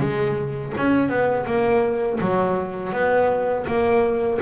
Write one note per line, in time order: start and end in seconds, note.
0.00 0.73 G#3
0.77 1.09 C#4
1.09 1.45 B3
1.46 2.19 A#3
2.21 2.93 F#3
2.93 3.66 B3
3.67 4.40 A#3